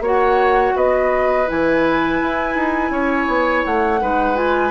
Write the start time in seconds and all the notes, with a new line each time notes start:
0.00 A#3 F#4 C#5
0.06 F#5
0.76 B3 B4 D#5
1.46 E3 E4 G#5
2.21 E4
2.55 D#4
2.90 C#4 C#5
3.27 B3
3.65 A3 F#5
4.01 G#3 D#4 B4
4.35 F4 G#5